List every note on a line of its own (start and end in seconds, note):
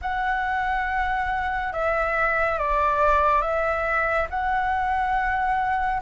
0.01 1.72 F#5
1.72 2.58 E5
2.58 3.41 D5
3.41 4.27 E5
4.29 6.01 F#5